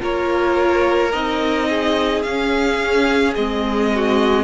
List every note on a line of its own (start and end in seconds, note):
0.00 1.14 A#3
0.00 1.11 F4
0.00 1.69 A#4
0.00 1.12 C#5
1.12 2.25 C4
1.12 2.24 D#4
1.12 2.23 D#5
1.69 3.92 G#4
2.23 3.36 C#4
2.23 3.34 F5
3.35 4.44 G#3
3.35 4.44 C4
3.35 4.44 D#5
3.95 4.44 F#4